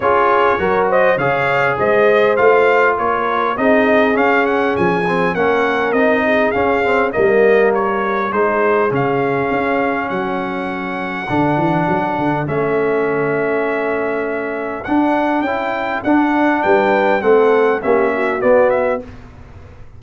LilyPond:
<<
  \new Staff \with { instrumentName = "trumpet" } { \time 4/4 \tempo 4 = 101 cis''4. dis''8 f''4 dis''4 | f''4 cis''4 dis''4 f''8 fis''8 | gis''4 fis''4 dis''4 f''4 | dis''4 cis''4 c''4 f''4~ |
f''4 fis''2.~ | fis''4 e''2.~ | e''4 fis''4 g''4 fis''4 | g''4 fis''4 e''4 d''8 e''8 | }
  \new Staff \with { instrumentName = "horn" } { \time 4/4 gis'4 ais'8 c''8 cis''4 c''4~ | c''4 ais'4 gis'2~ | gis'4 ais'4. gis'4. | ais'2 gis'2~ |
gis'4 a'2.~ | a'1~ | a'1 | b'4 a'4 g'8 fis'4. | }
  \new Staff \with { instrumentName = "trombone" } { \time 4/4 f'4 fis'4 gis'2 | f'2 dis'4 cis'4~ | cis'8 c'8 cis'4 dis'4 cis'8 c'8 | ais2 dis'4 cis'4~ |
cis'2. d'4~ | d'4 cis'2.~ | cis'4 d'4 e'4 d'4~ | d'4 c'4 cis'4 b4 | }
  \new Staff \with { instrumentName = "tuba" } { \time 4/4 cis'4 fis4 cis4 gis4 | a4 ais4 c'4 cis'4 | f4 ais4 c'4 cis'4 | g2 gis4 cis4 |
cis'4 fis2 d8 e8 | fis8 d8 a2.~ | a4 d'4 cis'4 d'4 | g4 a4 ais4 b4 | }
>>